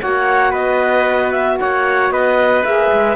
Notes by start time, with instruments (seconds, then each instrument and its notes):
0.00 cello A#3, saxophone F#4, trumpet C#5, clarinet F#5
0.51 cello B3, trumpet B4, clarinet D#5
1.31 clarinet E5
1.59 cello A#3, trumpet C#5, clarinet F#5
2.10 cello B3, trumpet B4, clarinet D#5
2.64 cello A#3, saxophone G#4, clarinet E5
2.92 cello G#3